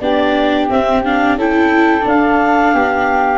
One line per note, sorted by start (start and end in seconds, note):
0.00 0.69 B3
0.00 0.70 D4
0.00 1.38 G4
0.00 0.68 D5
0.69 1.04 C4
0.69 1.36 C4
0.69 1.03 E5
1.03 1.38 D4
1.03 1.37 F5
1.36 2.04 C#4
1.36 2.01 E4
1.36 2.74 A4
1.36 2.07 G5
2.01 3.37 D4
2.01 2.73 D4
2.07 3.38 F5
2.73 3.38 B3
2.73 3.38 G4